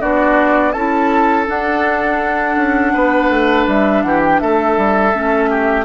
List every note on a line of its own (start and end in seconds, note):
0.00 0.74 B3
0.00 0.73 D4
0.00 0.72 F#4
0.00 0.72 D5
0.72 1.47 C#4
0.72 1.46 E4
0.72 2.92 A4
0.72 1.45 A5
1.46 5.12 D4
1.46 2.56 D4
1.46 3.68 F#5
2.56 2.93 C#4
2.93 3.29 B3
2.93 4.03 B4
3.29 3.66 A3
3.67 4.03 G3
3.67 4.02 E5
4.02 4.40 E3
4.02 4.41 G4
4.02 4.20 F#5
4.24 4.39 G5
4.39 4.77 A3
4.39 5.50 A4
4.39 5.85 E5
4.77 5.13 G3
5.12 5.85 A3
5.12 5.85 C#4
5.50 5.85 G4